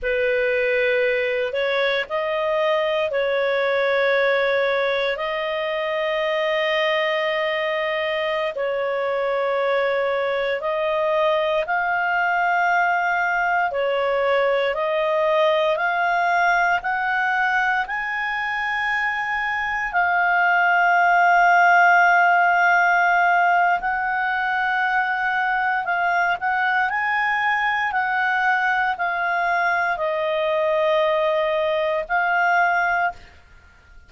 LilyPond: \new Staff \with { instrumentName = "clarinet" } { \time 4/4 \tempo 4 = 58 b'4. cis''8 dis''4 cis''4~ | cis''4 dis''2.~ | dis''16 cis''2 dis''4 f''8.~ | f''4~ f''16 cis''4 dis''4 f''8.~ |
f''16 fis''4 gis''2 f''8.~ | f''2. fis''4~ | fis''4 f''8 fis''8 gis''4 fis''4 | f''4 dis''2 f''4 | }